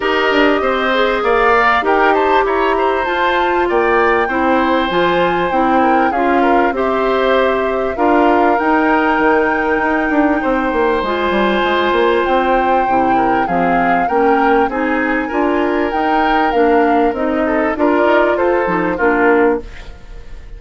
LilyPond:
<<
  \new Staff \with { instrumentName = "flute" } { \time 4/4 \tempo 4 = 98 dis''2 f''4 g''8 a''8 | ais''4 a''4 g''2 | gis''4 g''4 f''4 e''4~ | e''4 f''4 g''2~ |
g''2 gis''2 | g''2 f''4 g''4 | gis''2 g''4 f''4 | dis''4 d''4 c''4 ais'4 | }
  \new Staff \with { instrumentName = "oboe" } { \time 4/4 ais'4 c''4 d''4 ais'8 c''8 | cis''8 c''4. d''4 c''4~ | c''4. ais'8 gis'8 ais'8 c''4~ | c''4 ais'2.~ |
ais'4 c''2.~ | c''4. ais'8 gis'4 ais'4 | gis'4 ais'2.~ | ais'8 a'8 ais'4 a'4 f'4 | }
  \new Staff \with { instrumentName = "clarinet" } { \time 4/4 g'4. gis'4 ais'8 g'4~ | g'4 f'2 e'4 | f'4 e'4 f'4 g'4~ | g'4 f'4 dis'2~ |
dis'2 f'2~ | f'4 e'4 c'4 cis'4 | dis'4 f'4 dis'4 d'4 | dis'4 f'4. dis'8 d'4 | }
  \new Staff \with { instrumentName = "bassoon" } { \time 4/4 dis'8 d'8 c'4 ais4 dis'4 | e'4 f'4 ais4 c'4 | f4 c'4 cis'4 c'4~ | c'4 d'4 dis'4 dis4 |
dis'8 d'8 c'8 ais8 gis8 g8 gis8 ais8 | c'4 c4 f4 ais4 | c'4 d'4 dis'4 ais4 | c'4 d'8 dis'8 f'8 f8 ais4 | }
>>